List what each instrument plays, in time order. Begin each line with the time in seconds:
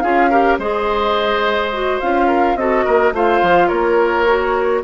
0.00 bassoon C#4, clarinet F4, oboe G#4, flute F5
0.30 clarinet G4, oboe A#4
0.58 bassoon G#3, clarinet G#4, oboe C5, flute D#5
1.73 clarinet F#4
2.00 bassoon C#4, clarinet F4, flute F5
2.27 oboe A#4
2.55 bassoon C4, clarinet F#4, oboe A4, flute D#5
2.85 bassoon A#3, oboe A#4
3.12 bassoon A3, clarinet F4, oboe C5, flute F5
3.42 bassoon F3
3.68 bassoon A#3, oboe A#4, flute C#5
4.27 clarinet F#4